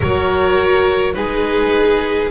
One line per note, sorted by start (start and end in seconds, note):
0.00 1.16 F#3
0.00 1.14 F#4
0.00 1.13 A#4
0.00 1.14 C#5
1.14 2.31 G#3
1.14 2.29 D#4
1.14 2.31 G#4
1.14 2.29 B4